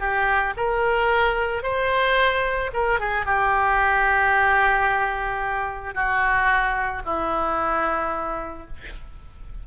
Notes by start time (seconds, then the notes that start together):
0.00 G4
0.57 A#4
1.63 C5
2.73 A#4
3.00 G#4
3.26 G4
5.95 F#4
7.05 E4